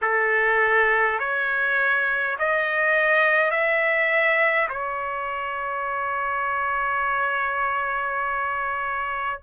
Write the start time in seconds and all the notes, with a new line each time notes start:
0.01 A4
1.19 C#5
2.39 D#5
3.50 E5
4.69 C#5